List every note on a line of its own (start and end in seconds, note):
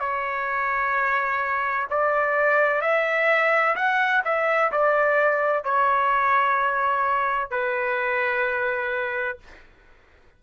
0.00 1.87 C#5
1.90 2.82 D5
2.82 3.75 E5
3.76 4.23 F#5
4.25 4.72 E5
4.72 5.65 D5
5.65 7.51 C#5
7.51 9.38 B4